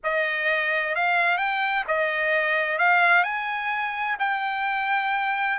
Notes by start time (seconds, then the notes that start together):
0.03 D#5
0.95 F5
1.37 G5
1.87 D#5
2.78 F5
3.23 G#5
4.19 G5